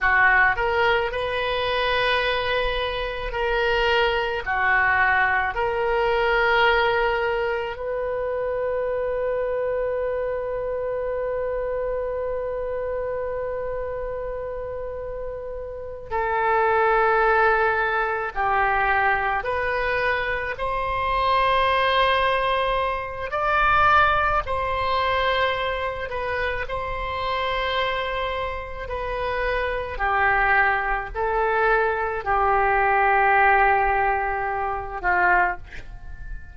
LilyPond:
\new Staff \with { instrumentName = "oboe" } { \time 4/4 \tempo 4 = 54 fis'8 ais'8 b'2 ais'4 | fis'4 ais'2 b'4~ | b'1~ | b'2~ b'8 a'4.~ |
a'8 g'4 b'4 c''4.~ | c''4 d''4 c''4. b'8 | c''2 b'4 g'4 | a'4 g'2~ g'8 f'8 | }